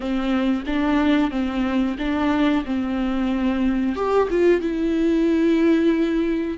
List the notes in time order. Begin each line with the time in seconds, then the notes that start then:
0.00 C4
0.66 D4
1.30 C4
1.98 D4
2.65 C4
3.95 G4
4.30 F4
4.60 E4